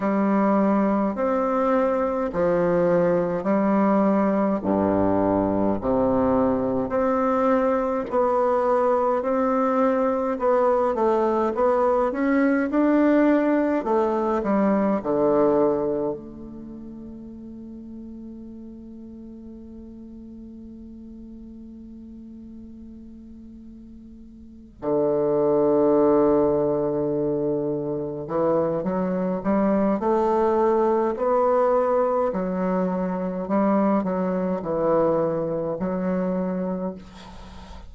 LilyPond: \new Staff \with { instrumentName = "bassoon" } { \time 4/4 \tempo 4 = 52 g4 c'4 f4 g4 | g,4 c4 c'4 b4 | c'4 b8 a8 b8 cis'8 d'4 | a8 g8 d4 a2~ |
a1~ | a4. d2~ d8~ | d8 e8 fis8 g8 a4 b4 | fis4 g8 fis8 e4 fis4 | }